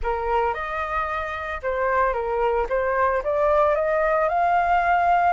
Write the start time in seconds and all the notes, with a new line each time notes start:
0.02 A#4
0.54 D#5
1.62 C5
2.13 A#4
2.69 C5
3.23 D5
3.75 D#5
4.28 F5